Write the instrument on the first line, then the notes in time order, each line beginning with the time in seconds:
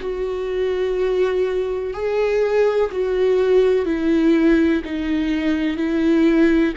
viola
0.00 F#4
1.93 G#4
2.92 F#4
3.85 E4
4.84 D#4
5.77 E4